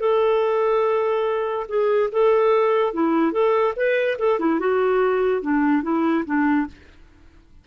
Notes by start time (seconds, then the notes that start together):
0.00 A4
1.68 G#4
2.12 A4
2.93 E4
3.32 A4
3.76 B4
4.19 A4
4.39 E4
4.60 F#4
5.42 D4
5.83 E4
6.25 D4